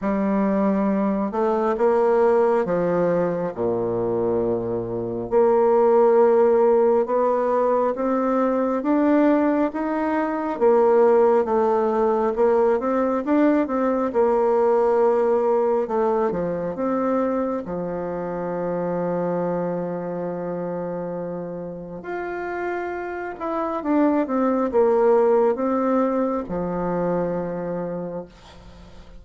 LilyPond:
\new Staff \with { instrumentName = "bassoon" } { \time 4/4 \tempo 4 = 68 g4. a8 ais4 f4 | ais,2 ais2 | b4 c'4 d'4 dis'4 | ais4 a4 ais8 c'8 d'8 c'8 |
ais2 a8 f8 c'4 | f1~ | f4 f'4. e'8 d'8 c'8 | ais4 c'4 f2 | }